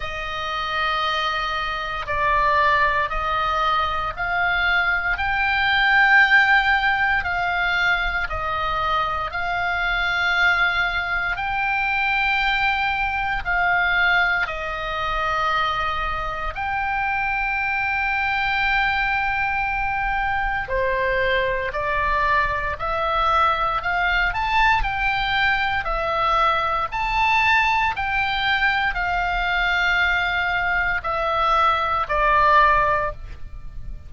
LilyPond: \new Staff \with { instrumentName = "oboe" } { \time 4/4 \tempo 4 = 58 dis''2 d''4 dis''4 | f''4 g''2 f''4 | dis''4 f''2 g''4~ | g''4 f''4 dis''2 |
g''1 | c''4 d''4 e''4 f''8 a''8 | g''4 e''4 a''4 g''4 | f''2 e''4 d''4 | }